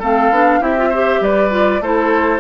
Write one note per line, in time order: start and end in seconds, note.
0.00 0.31 A3
0.00 0.33 C4
0.00 0.60 A4
0.00 0.63 F5
0.31 0.61 B3
0.31 0.62 D4
0.61 1.21 C4
0.61 0.77 E4
0.61 0.90 G4
0.61 1.23 E5
0.78 0.93 F4
0.90 1.51 G4
0.90 1.20 C5
1.21 1.80 G3
1.21 1.82 B4
1.21 1.83 D5
1.51 1.81 F4
1.80 2.41 A3
1.80 2.41 E4
1.80 2.41 A4
1.80 2.41 C5